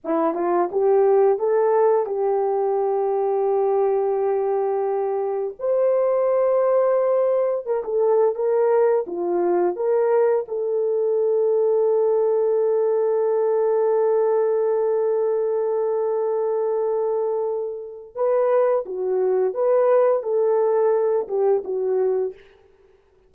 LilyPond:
\new Staff \with { instrumentName = "horn" } { \time 4/4 \tempo 4 = 86 e'8 f'8 g'4 a'4 g'4~ | g'1 | c''2. ais'16 a'8. | ais'4 f'4 ais'4 a'4~ |
a'1~ | a'1~ | a'2 b'4 fis'4 | b'4 a'4. g'8 fis'4 | }